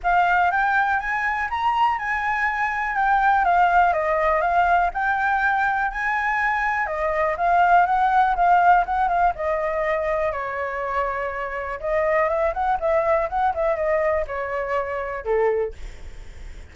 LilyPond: \new Staff \with { instrumentName = "flute" } { \time 4/4 \tempo 4 = 122 f''4 g''4 gis''4 ais''4 | gis''2 g''4 f''4 | dis''4 f''4 g''2 | gis''2 dis''4 f''4 |
fis''4 f''4 fis''8 f''8 dis''4~ | dis''4 cis''2. | dis''4 e''8 fis''8 e''4 fis''8 e''8 | dis''4 cis''2 a'4 | }